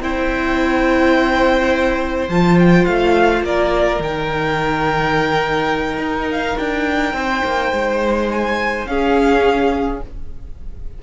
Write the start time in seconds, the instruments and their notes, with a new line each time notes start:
0.00 cello C4, viola E4, violin C5 G5
2.29 cello F3, viola F4, violin A5
2.60 violin G5
2.85 cello A3, violin F5
3.42 cello A#3, violin A#4 D5
3.99 cello D#3, viola D#4, violin G5
5.97 cello D#4
6.31 violin F5
6.58 cello D4, violin G5
7.13 cello C4, violin C5
7.44 cello A#3
7.72 cello G#3
8.31 violin G#5
8.85 cello C#4, viola C#4, violin G#4 F5